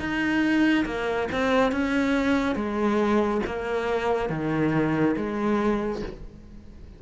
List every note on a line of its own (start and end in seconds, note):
0.00 0.86 D#4
0.86 1.29 A#3
1.32 1.72 C4
1.72 2.56 C#4
2.56 3.42 G#3
3.47 4.30 A#3
4.30 5.16 D#3
5.17 6.03 G#3